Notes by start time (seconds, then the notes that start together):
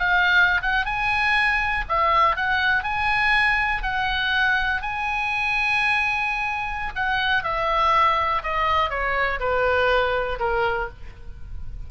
0.00 F5
0.63 F#5
0.86 G#5
1.89 E5
2.37 F#5
2.84 G#5
3.83 F#5
4.82 G#5
6.96 F#5
7.44 E5
8.43 D#5
8.90 C#5
9.40 B4
10.40 A#4